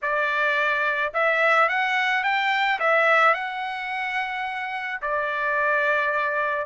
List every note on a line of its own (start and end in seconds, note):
0.02 1.13 D5
1.13 1.68 E5
1.68 2.23 F#5
2.23 2.79 G5
2.79 3.34 E5
3.34 5.00 F#5
5.01 6.66 D5